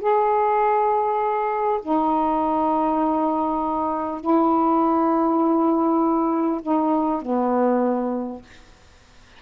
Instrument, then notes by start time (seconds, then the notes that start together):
saxophone
0.00 G#4
1.82 D#4
4.21 E4
6.62 D#4
7.22 B3